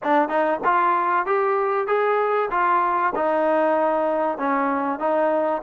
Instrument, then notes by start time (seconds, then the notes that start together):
trombone
0.03 D4
0.28 D#4
0.64 F4
1.26 G4
1.87 G#4
2.50 F4
3.15 D#4
4.38 C#4
4.99 D#4